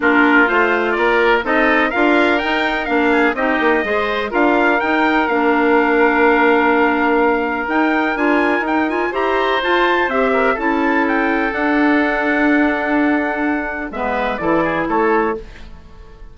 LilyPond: <<
  \new Staff \with { instrumentName = "trumpet" } { \time 4/4 \tempo 4 = 125 ais'4 c''4 d''4 dis''4 | f''4 g''4 f''4 dis''4~ | dis''4 f''4 g''4 f''4~ | f''1 |
g''4 gis''4 g''8 gis''8 ais''4 | a''4 e''4 a''4 g''4 | fis''1~ | fis''4 e''4 d''4 cis''4 | }
  \new Staff \with { instrumentName = "oboe" } { \time 4/4 f'2 ais'4 a'4 | ais'2~ ais'8 gis'8 g'4 | c''4 ais'2.~ | ais'1~ |
ais'2. c''4~ | c''4. ais'8 a'2~ | a'1~ | a'4 b'4 a'8 gis'8 a'4 | }
  \new Staff \with { instrumentName = "clarinet" } { \time 4/4 d'4 f'2 dis'4 | f'4 dis'4 d'4 dis'4 | gis'4 f'4 dis'4 d'4~ | d'1 |
dis'4 f'4 dis'8 f'8 g'4 | f'4 g'4 e'2 | d'1~ | d'4 b4 e'2 | }
  \new Staff \with { instrumentName = "bassoon" } { \time 4/4 ais4 a4 ais4 c'4 | d'4 dis'4 ais4 c'8 ais8 | gis4 d'4 dis'4 ais4~ | ais1 |
dis'4 d'4 dis'4 e'4 | f'4 c'4 cis'2 | d'1~ | d'4 gis4 e4 a4 | }
>>